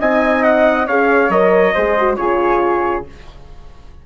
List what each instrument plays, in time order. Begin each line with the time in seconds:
0.00 bassoon C4, horn D#4, flute D#5, trumpet G#5
0.44 trumpet F#5
0.86 bassoon C#4, horn G#4, flute C#5, trumpet F5
1.29 bassoon F#3, horn A#4, trumpet D#5
1.74 bassoon G#3, horn G#4, flute C5
1.98 horn F#4
2.16 bassoon C#3, horn F4, flute G#4, trumpet C#5